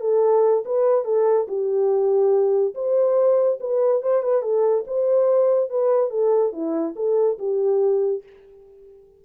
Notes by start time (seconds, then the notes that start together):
0.00 A4
0.65 B4
1.04 A4
1.47 G4
2.74 C5
3.60 B4
4.02 C5
4.22 B4
4.42 A4
4.86 C5
5.69 B4
6.10 A4
6.52 E4
6.95 A4
7.38 G4